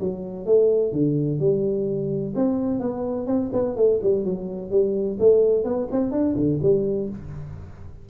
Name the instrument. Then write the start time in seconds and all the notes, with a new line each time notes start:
tuba
0.00 F#3
0.46 A3
0.93 D3
1.40 G3
2.36 C4
2.80 B3
3.27 C4
3.53 B3
3.76 A3
4.03 G3
4.25 F#3
4.71 G3
5.20 A3
5.65 B3
5.92 C4
6.12 D4
6.37 D3
6.63 G3